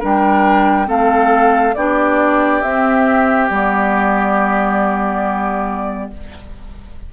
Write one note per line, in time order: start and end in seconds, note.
0.00 0.88 G3
0.00 0.86 D4
0.00 0.87 A#4
0.00 0.90 G5
0.86 1.75 A3
0.86 1.73 C4
0.86 1.75 A4
0.86 1.75 F5
1.75 2.63 B3
1.75 2.63 D4
1.75 6.12 G4
1.75 2.62 D5
2.62 3.50 C4
2.62 3.49 E5
3.50 6.11 G3
3.50 6.13 B3
3.50 6.11 D5